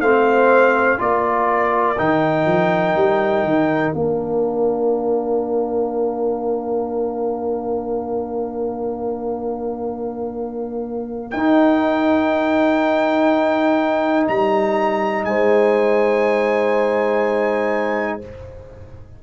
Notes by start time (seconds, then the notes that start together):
0.00 A3 C4 C5 F5
0.98 A#3 F4 A#4 D5
1.98 D#3 D#4 G5
2.45 F3
2.95 G3
3.43 D#3
3.93 A#3 D4 F5
11.31 D#4 G5
14.27 G3 A#5
15.24 G#3 C5 G#5